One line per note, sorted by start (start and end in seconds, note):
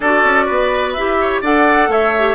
0.00 0.24 D4
0.00 0.97 F#4
0.00 0.45 A4
0.00 0.93 D5
0.24 0.48 C#4
0.45 0.97 B3
0.45 1.17 B4
0.93 1.42 E4
0.93 1.43 G4
0.93 1.40 E5
1.20 1.41 C#5
1.41 1.88 D4
1.41 2.15 A4
1.41 1.88 D5
1.41 1.91 F#5
1.88 2.35 A3
1.88 2.35 C#5
1.88 2.35 E5
2.18 2.35 G4